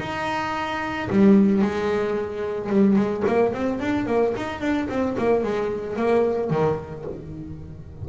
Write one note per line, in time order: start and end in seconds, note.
0.00 1.09 D#4
1.10 1.62 G3
1.62 2.70 G#3
2.70 2.97 G3
2.97 3.24 G#3
3.28 3.54 A#3
3.54 3.80 C4
3.80 4.07 D4
4.07 4.34 A#3
4.37 4.61 D#4
4.61 4.88 D4
4.89 5.17 C4
5.18 5.44 A#3
5.44 5.97 G#3
5.97 6.51 A#3
6.51 7.05 D#3